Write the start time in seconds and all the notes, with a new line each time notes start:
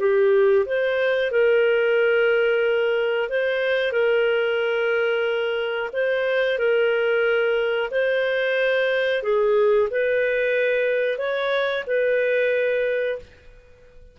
0.00 G4
0.66 C5
1.32 A#4
3.30 C5
3.92 A#4
5.93 C5
6.59 A#4
7.91 C5
9.23 G#4
9.91 B4
11.18 C#5
11.87 B4